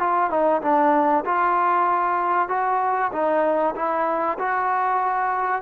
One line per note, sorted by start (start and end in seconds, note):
0.00 0.31 F4
0.31 0.62 D#4
0.62 1.24 D4
1.26 2.49 F4
2.49 3.12 F#4
3.13 3.75 D#4
3.76 4.38 E4
4.39 5.62 F#4